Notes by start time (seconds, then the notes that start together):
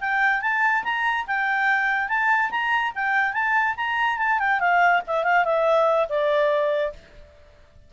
0.00 G5
0.41 A5
0.84 A#5
1.27 G5
2.08 A5
2.51 A#5
2.95 G5
3.33 A5
3.77 A#5
4.18 A5
4.39 G5
4.59 F5
5.07 E5
5.24 F5
5.44 E5
6.09 D5